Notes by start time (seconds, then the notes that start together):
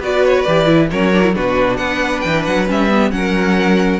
0.00 B3 F#4 B4 D5
0.26 C#5
0.42 E3 G4 D5
0.66 E4
0.90 F#3 C#4 A#4 C#5
1.14 D4
1.22 E4
1.34 B2 D4 F#4 B4
1.77 B3 B4 F#5
2.20 E3 G5
2.45 F#3 F#5
2.67 G3 C#4 E5
2.89 B3
3.11 F#3 C#4 A#4 F#5